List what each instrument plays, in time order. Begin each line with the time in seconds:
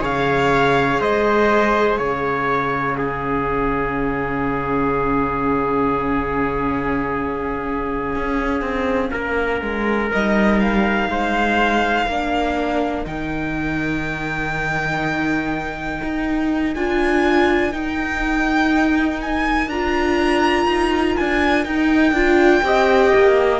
0.00 cello C#3, viola G#4, trumpet C#5, violin F5
1.00 cello G#3, trumpet C5, violin D#5
1.96 cello C#3, trumpet C#5, violin F5
2.97 viola C#4, trumpet G#4
8.16 cello C#4
8.61 cello C4
9.11 cello A#3, trumpet A#4
9.61 cello G#3
10.12 cello G3, viola D#4, violin D#5
10.60 violin F5
11.08 cello G#3, trumpet C5
12.07 cello A#3, viola D4, trumpet A#4
13.05 cello D#3, viola D#4, violin G5
16.03 cello D#4
16.74 cello D4, viola F4, violin G#5
17.72 viola D#4, cello D#4, violin G5
19.21 violin G#5
19.67 cello D4, viola F4, violin A#5
20.66 cello D#4
21.17 cello D4, violin G#5
21.64 cello D#4, viola D#4, violin G5
22.12 cello D4, viola F4
22.62 cello C4, viola G4, trumpet D#5
23.15 cello A#3